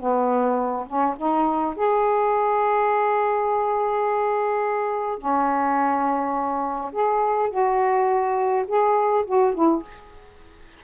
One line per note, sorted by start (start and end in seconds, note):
0.00 0.87 B3
0.87 1.16 C#4
1.18 1.76 D#4
1.76 5.19 G#4
5.19 6.92 C#4
6.93 7.51 G#4
7.51 8.66 F#4
8.68 9.26 G#4
9.26 9.55 F#4
9.55 9.83 E4